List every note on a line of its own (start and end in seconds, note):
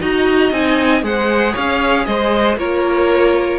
0.00 0.51 D#4
0.00 0.52 F#4
0.00 1.03 D#5
0.00 0.53 A#5
0.51 1.02 C4
0.51 1.02 D#4
0.51 1.04 G#5
1.02 1.54 G#3
1.02 2.56 G#4
1.02 1.53 C5
1.02 1.56 F#5
1.53 2.07 C#4
1.53 2.04 C#5
1.53 2.06 F5
2.06 2.57 G#3
2.06 2.59 C5
2.06 2.57 D#5
2.57 3.59 A#3
2.57 3.59 F4
2.57 3.59 A#4
2.57 3.59 C#5